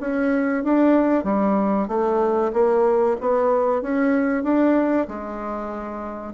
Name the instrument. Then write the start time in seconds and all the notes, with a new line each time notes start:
bassoon
0.00 C#4
0.64 D4
1.24 G3
1.88 A3
2.53 A#3
3.21 B3
3.82 C#4
4.43 D4
5.08 G#3